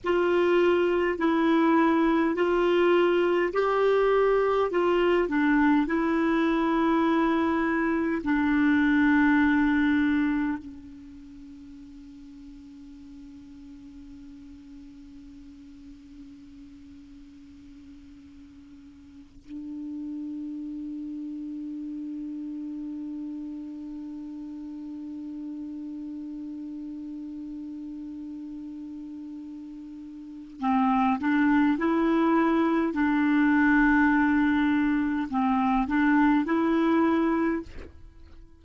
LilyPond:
\new Staff \with { instrumentName = "clarinet" } { \time 4/4 \tempo 4 = 51 f'4 e'4 f'4 g'4 | f'8 d'8 e'2 d'4~ | d'4 cis'2.~ | cis'1~ |
cis'8 d'2.~ d'8~ | d'1~ | d'2 c'8 d'8 e'4 | d'2 c'8 d'8 e'4 | }